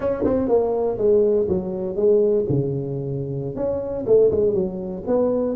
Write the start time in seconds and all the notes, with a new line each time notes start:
0.00 C#4
0.24 C4
0.48 A#3
0.97 G#3
1.48 F#3
1.96 G#3
2.49 C#3
3.55 C#4
4.06 A3
4.31 G#3
4.54 F#3
5.06 B3